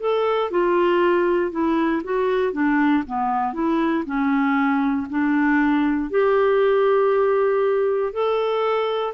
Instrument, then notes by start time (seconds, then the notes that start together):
clarinet
0.00 A4
0.51 F4
1.52 E4
2.04 F#4
2.53 D4
3.07 B3
3.54 E4
4.06 C#4
5.10 D4
6.11 G4
8.14 A4